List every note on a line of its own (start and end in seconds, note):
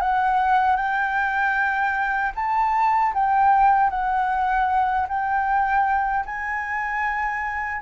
0.00 0.76 F#5
0.76 2.32 G5
2.35 3.13 A5
3.14 3.90 G5
3.90 5.06 F#5
5.08 6.25 G5
6.26 7.81 G#5